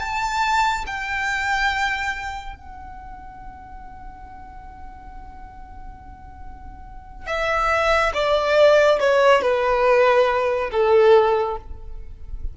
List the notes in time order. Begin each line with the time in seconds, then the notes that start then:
0.00 A5
0.87 G5
2.56 F#5
7.27 E5
8.14 D5
9.00 C#5
9.42 B4
10.72 A4